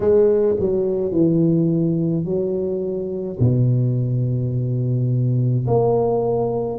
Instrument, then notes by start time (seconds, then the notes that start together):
tuba
0.00 G#3
0.59 F#3
1.11 E3
2.24 F#3
3.40 B2
5.67 A#3